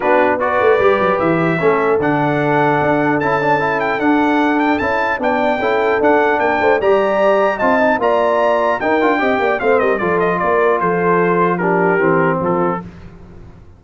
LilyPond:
<<
  \new Staff \with { instrumentName = "trumpet" } { \time 4/4 \tempo 4 = 150 b'4 d''2 e''4~ | e''4 fis''2. | a''4. g''8 fis''4. g''8 | a''4 g''2 fis''4 |
g''4 ais''2 a''4 | ais''2 g''2 | f''8 dis''8 d''8 dis''8 d''4 c''4~ | c''4 ais'2 a'4 | }
  \new Staff \with { instrumentName = "horn" } { \time 4/4 fis'4 b'2. | a'1~ | a'1~ | a'4 d''4 a'2 |
ais'8 c''8 d''2 dis''4 | d''2 ais'4 dis''8 d''8 | c''8 ais'8 a'4 ais'4 a'4~ | a'4 g'2 f'4 | }
  \new Staff \with { instrumentName = "trombone" } { \time 4/4 d'4 fis'4 g'2 | cis'4 d'2. | e'8 d'8 e'4 d'2 | e'4 d'4 e'4 d'4~ |
d'4 g'2 f'8 dis'8 | f'2 dis'8 f'8 g'4 | c'4 f'2.~ | f'4 d'4 c'2 | }
  \new Staff \with { instrumentName = "tuba" } { \time 4/4 b4. a8 g8 fis8 e4 | a4 d2 d'4 | cis'2 d'2 | cis'4 b4 cis'4 d'4 |
ais8 a8 g2 c'4 | ais2 dis'8 d'8 c'8 ais8 | a8 g8 f4 ais4 f4~ | f2 e4 f4 | }
>>